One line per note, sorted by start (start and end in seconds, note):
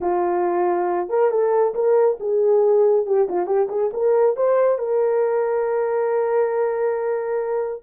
0.01 1.09 F4
1.09 1.30 A#4
1.30 1.74 A4
1.74 2.17 A#4
2.20 3.06 G#4
3.06 3.27 G4
3.28 3.46 F4
3.46 3.68 G4
3.69 3.90 G#4
3.93 4.36 A#4
4.36 4.78 C5
4.78 7.82 A#4